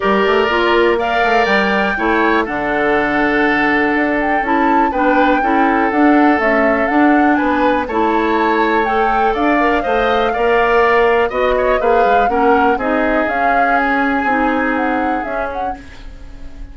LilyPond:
<<
  \new Staff \with { instrumentName = "flute" } { \time 4/4 \tempo 4 = 122 d''2 f''4 g''4~ | g''4 fis''2.~ | fis''8 g''8 a''4 g''2 | fis''4 e''4 fis''4 gis''4 |
a''2 g''4 f''4~ | f''2. dis''4 | f''4 fis''4 dis''4 f''4 | gis''2 fis''4 e''8 fis''8 | }
  \new Staff \with { instrumentName = "oboe" } { \time 4/4 ais'2 d''2 | cis''4 a'2.~ | a'2 b'4 a'4~ | a'2. b'4 |
cis''2. d''4 | dis''4 d''2 dis''8 cis''8 | b'4 ais'4 gis'2~ | gis'1 | }
  \new Staff \with { instrumentName = "clarinet" } { \time 4/4 g'4 f'4 ais'2 | e'4 d'2.~ | d'4 e'4 d'4 e'4 | d'4 a4 d'2 |
e'2 a'4. ais'8 | c''4 ais'2 fis'4 | gis'4 cis'4 dis'4 cis'4~ | cis'4 dis'2 cis'4 | }
  \new Staff \with { instrumentName = "bassoon" } { \time 4/4 g8 a8 ais4. a8 g4 | a4 d2. | d'4 cis'4 b4 cis'4 | d'4 cis'4 d'4 b4 |
a2. d'4 | a4 ais2 b4 | ais8 gis8 ais4 c'4 cis'4~ | cis'4 c'2 cis'4 | }
>>